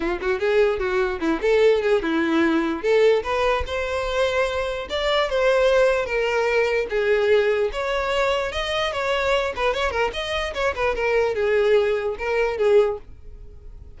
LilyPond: \new Staff \with { instrumentName = "violin" } { \time 4/4 \tempo 4 = 148 f'8 fis'8 gis'4 fis'4 e'8 a'8~ | a'8 gis'8 e'2 a'4 | b'4 c''2. | d''4 c''2 ais'4~ |
ais'4 gis'2 cis''4~ | cis''4 dis''4 cis''4. b'8 | cis''8 ais'8 dis''4 cis''8 b'8 ais'4 | gis'2 ais'4 gis'4 | }